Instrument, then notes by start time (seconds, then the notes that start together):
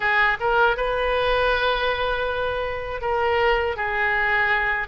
oboe
0.00 G#4
0.40 A#4
0.76 B4
3.01 A#4
3.76 G#4